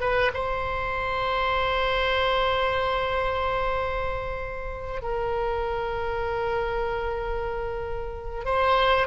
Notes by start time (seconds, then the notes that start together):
0.00 B4
0.34 C5
5.02 A#4
8.45 C5